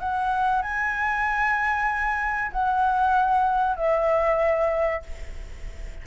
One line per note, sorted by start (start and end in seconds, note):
0.00 0.62 F#5
0.62 2.52 G#5
2.52 3.76 F#5
3.76 5.02 E5